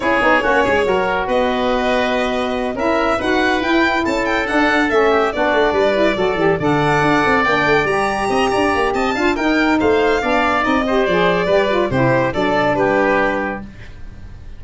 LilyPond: <<
  \new Staff \with { instrumentName = "violin" } { \time 4/4 \tempo 4 = 141 cis''2. dis''4~ | dis''2~ dis''8 e''4 fis''8~ | fis''8 g''4 a''8 g''8 fis''4 e''8~ | e''8 d''2. fis''8~ |
fis''4. g''4 ais''4.~ | ais''4 a''4 g''4 f''4~ | f''4 dis''4 d''2 | c''4 d''4 b'2 | }
  \new Staff \with { instrumentName = "oboe" } { \time 4/4 gis'4 fis'8 gis'8 ais'4 b'4~ | b'2~ b'8 ais'4 b'8~ | b'4. a'2~ a'8 | g'8 fis'4 b'4 a'4 d''8~ |
d''2.~ d''8 dis''8 | d''4 dis''8 f''8 ais'4 c''4 | d''4. c''4. b'4 | g'4 a'4 g'2 | }
  \new Staff \with { instrumentName = "saxophone" } { \time 4/4 e'8 dis'8 cis'4 fis'2~ | fis'2~ fis'8 e'4 fis'8~ | fis'8 e'2 d'4 cis'8~ | cis'8 d'4. e'8 fis'8 g'8 a'8~ |
a'4. d'4 g'4.~ | g'4. f'8 dis'2 | d'4 dis'8 g'8 gis'4 g'8 f'8 | e'4 d'2. | }
  \new Staff \with { instrumentName = "tuba" } { \time 4/4 cis'8 b8 ais8 gis8 fis4 b4~ | b2~ b8 cis'4 dis'8~ | dis'8 e'4 cis'4 d'4 a8~ | a8 b8 a8 g4 fis8 e8 d8~ |
d8 d'8 c'8 ais8 a8 g4 c'8 | d'8 ais8 c'8 d'8 dis'4 a4 | b4 c'4 f4 g4 | c4 fis4 g2 | }
>>